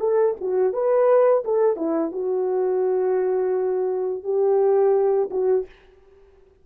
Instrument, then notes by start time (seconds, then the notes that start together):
horn
0.00 A4
0.41 F#4
0.73 B4
1.45 A4
1.77 E4
2.12 F#4
4.24 G4
5.31 F#4